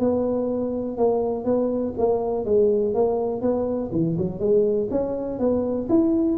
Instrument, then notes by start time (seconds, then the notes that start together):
tuba
0.00 B3
0.98 A#3
1.45 B3
1.98 A#3
2.45 G#3
2.95 A#3
3.42 B3
3.92 E3
4.18 F#3
4.40 G#3
4.91 C#4
5.39 B3
5.89 E4